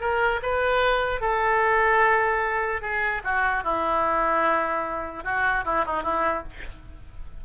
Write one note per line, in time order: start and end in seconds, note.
0.00 0.40 A#4
0.42 1.21 B4
1.21 2.81 A4
2.81 3.22 G#4
3.24 3.63 F#4
3.63 5.24 E4
5.24 5.64 F#4
5.64 5.84 E4
5.85 6.02 D#4
6.02 6.43 E4